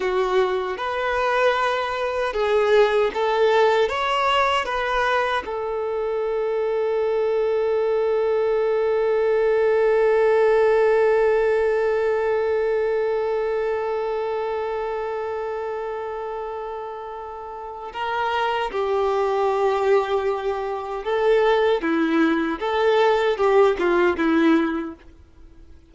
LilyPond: \new Staff \with { instrumentName = "violin" } { \time 4/4 \tempo 4 = 77 fis'4 b'2 gis'4 | a'4 cis''4 b'4 a'4~ | a'1~ | a'1~ |
a'1~ | a'2. ais'4 | g'2. a'4 | e'4 a'4 g'8 f'8 e'4 | }